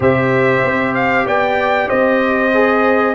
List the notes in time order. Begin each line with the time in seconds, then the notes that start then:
0.00 C3 G4 C5 E5
0.64 C4
0.94 F5
1.25 B3 D5 G5
1.88 C4 C5 D#5
2.54 G#4